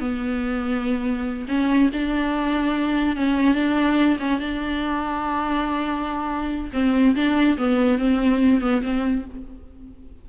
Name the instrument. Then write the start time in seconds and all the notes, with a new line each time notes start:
viola
0.00 B3
1.48 C#4
1.93 D4
3.17 C#4
3.55 D4
4.20 C#4
4.40 D4
6.73 C4
7.16 D4
7.58 B3
7.99 C4
8.61 B3
8.83 C4